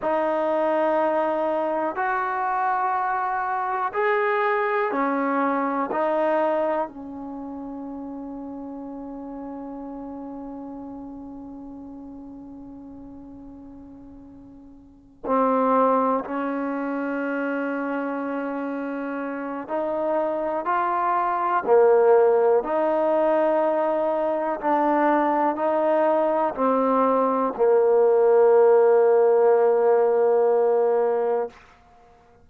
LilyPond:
\new Staff \with { instrumentName = "trombone" } { \time 4/4 \tempo 4 = 61 dis'2 fis'2 | gis'4 cis'4 dis'4 cis'4~ | cis'1~ | cis'2.~ cis'8 c'8~ |
c'8 cis'2.~ cis'8 | dis'4 f'4 ais4 dis'4~ | dis'4 d'4 dis'4 c'4 | ais1 | }